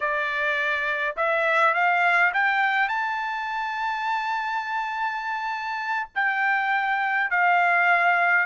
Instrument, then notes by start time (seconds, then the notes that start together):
trumpet
0.00 D5
1.16 E5
1.74 F5
2.33 G5
2.88 A5
6.15 G5
7.30 F5